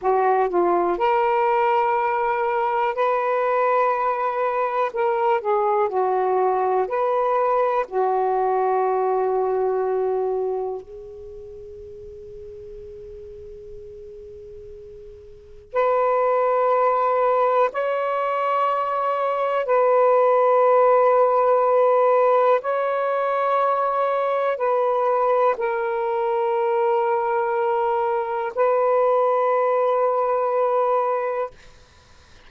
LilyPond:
\new Staff \with { instrumentName = "saxophone" } { \time 4/4 \tempo 4 = 61 fis'8 f'8 ais'2 b'4~ | b'4 ais'8 gis'8 fis'4 b'4 | fis'2. gis'4~ | gis'1 |
b'2 cis''2 | b'2. cis''4~ | cis''4 b'4 ais'2~ | ais'4 b'2. | }